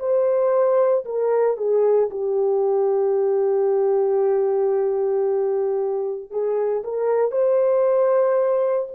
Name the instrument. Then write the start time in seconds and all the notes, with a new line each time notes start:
horn
0.00 C5
1.06 A#4
1.57 G#4
2.11 G4
6.31 G#4
6.84 A#4
7.32 C5